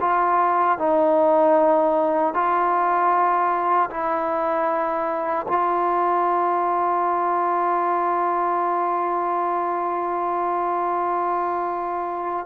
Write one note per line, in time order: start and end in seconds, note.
0.00 0.78 F4
0.78 2.33 D#4
2.33 3.89 F4
3.90 5.46 E4
5.48 12.46 F4